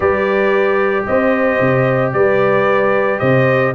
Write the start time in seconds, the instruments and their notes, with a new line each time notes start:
0.00 tuba G3, trombone G4, horn B4, trumpet D5
1.06 tuba C4, horn C5, trumpet D#5
1.60 tuba C3
2.12 tuba G3, horn B4, trumpet D5
3.19 tuba C3, horn C5, trumpet D#5